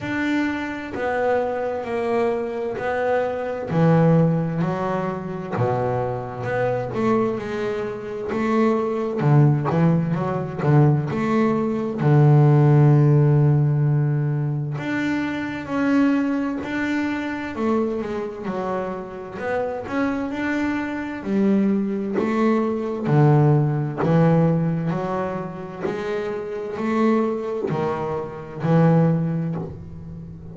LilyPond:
\new Staff \with { instrumentName = "double bass" } { \time 4/4 \tempo 4 = 65 d'4 b4 ais4 b4 | e4 fis4 b,4 b8 a8 | gis4 a4 d8 e8 fis8 d8 | a4 d2. |
d'4 cis'4 d'4 a8 gis8 | fis4 b8 cis'8 d'4 g4 | a4 d4 e4 fis4 | gis4 a4 dis4 e4 | }